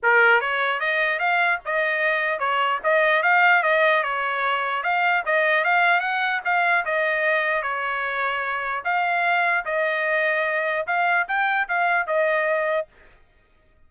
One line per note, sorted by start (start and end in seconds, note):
0.02 0.40 A#4
0.40 0.79 C#5
0.79 1.19 D#5
1.19 1.59 F5
1.65 2.39 D#5
2.39 2.79 C#5
2.83 3.23 D#5
3.23 3.63 F5
3.63 4.03 D#5
4.03 4.83 C#5
4.83 5.23 F5
5.25 5.64 D#5
5.64 6.00 F5
6.00 6.40 F#5
6.44 6.85 F5
6.85 7.62 D#5
7.62 8.83 C#5
8.84 9.64 F5
9.65 10.86 D#5
10.86 11.27 F5
11.28 11.68 G5
11.68 12.06 F5
12.06 12.87 D#5